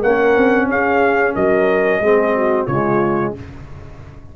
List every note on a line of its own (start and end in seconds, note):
0.00 0.37 A#3
0.00 2.04 C#4
0.00 0.67 A#4
0.00 0.69 F#5
0.37 0.69 C4
0.69 1.36 C#4
0.69 1.35 G#4
0.69 1.36 F5
1.35 2.00 F#3
1.35 2.02 A#4
1.35 2.67 D#5
2.00 2.67 G#3
2.00 2.70 C4
2.00 2.36 G#4
2.36 2.68 F#4
2.67 3.35 C#3
2.67 3.37 G#3
2.67 3.34 F4
2.67 3.34 C#5